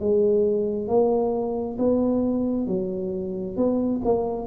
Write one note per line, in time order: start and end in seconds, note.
0.00 0.88 G#3
0.88 1.78 A#3
1.79 2.67 B3
2.67 3.57 F#3
3.57 4.02 B3
4.05 4.47 A#3